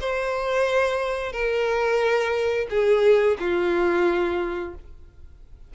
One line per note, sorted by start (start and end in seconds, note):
0.00 1.32 C5
1.32 2.67 A#4
2.69 3.37 G#4
3.39 4.74 F4